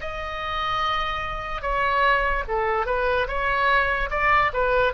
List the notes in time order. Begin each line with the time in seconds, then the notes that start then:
0.00 D#5
1.61 C#5
2.48 A4
2.86 B4
3.27 C#5
4.10 D5
4.53 B4